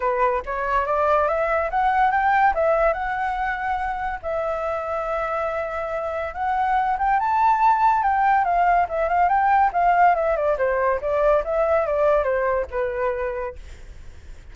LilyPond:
\new Staff \with { instrumentName = "flute" } { \time 4/4 \tempo 4 = 142 b'4 cis''4 d''4 e''4 | fis''4 g''4 e''4 fis''4~ | fis''2 e''2~ | e''2. fis''4~ |
fis''8 g''8 a''2 g''4 | f''4 e''8 f''8 g''4 f''4 | e''8 d''8 c''4 d''4 e''4 | d''4 c''4 b'2 | }